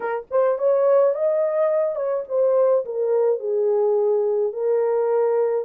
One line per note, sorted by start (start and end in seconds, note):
0.00 0.26 A#4
0.31 0.58 C5
0.58 1.14 C#5
1.14 1.95 D#5
1.95 2.23 C#5
2.28 2.85 C5
2.85 3.39 A#4
3.39 4.52 G#4
4.53 5.65 A#4